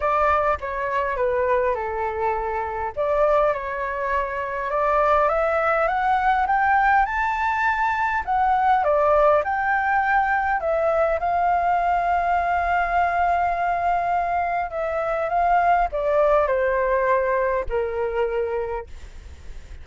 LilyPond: \new Staff \with { instrumentName = "flute" } { \time 4/4 \tempo 4 = 102 d''4 cis''4 b'4 a'4~ | a'4 d''4 cis''2 | d''4 e''4 fis''4 g''4 | a''2 fis''4 d''4 |
g''2 e''4 f''4~ | f''1~ | f''4 e''4 f''4 d''4 | c''2 ais'2 | }